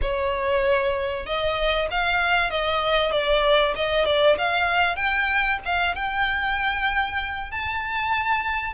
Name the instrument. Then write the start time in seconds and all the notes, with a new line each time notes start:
violin
0.01 C#5
1.26 D#5
1.91 F5
2.50 D#5
3.11 D5
3.75 D#5
4.05 D5
4.38 F5
4.96 G5
5.65 F5
5.95 G5
7.51 A5